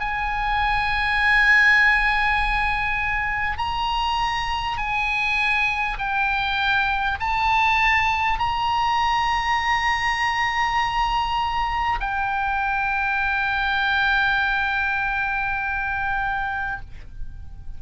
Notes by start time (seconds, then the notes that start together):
0.00 G#5
3.58 A#5
4.77 G#5
5.98 G5
7.19 A5
8.39 A#5
12.01 G5